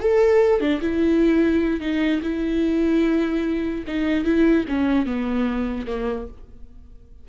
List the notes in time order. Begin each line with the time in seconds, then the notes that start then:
0.00 A4
0.60 D4
0.81 E4
1.80 D#4
2.22 E4
3.87 D#4
4.24 E4
4.68 C#4
5.06 B3
5.86 A#3